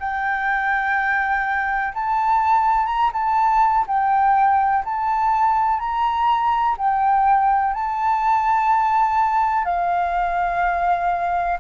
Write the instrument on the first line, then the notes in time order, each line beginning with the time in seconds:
flute
0.00 G5
1.94 A5
2.87 A#5
3.13 A5
3.88 G5
4.85 A5
5.80 A#5
6.78 G5
7.74 A5
9.65 F5